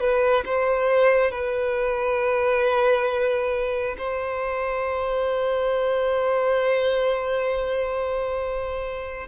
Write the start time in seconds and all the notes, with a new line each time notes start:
0.00 B4
0.45 C5
1.31 B4
3.98 C5